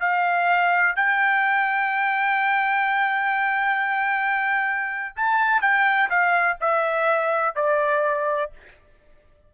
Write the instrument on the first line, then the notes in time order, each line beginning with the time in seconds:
trumpet
0.00 F5
0.96 G5
5.16 A5
5.62 G5
6.10 F5
6.61 E5
7.56 D5